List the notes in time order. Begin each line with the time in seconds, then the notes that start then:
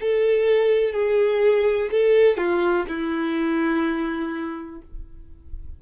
0.00 A4
0.93 G#4
1.90 A4
2.37 F4
2.88 E4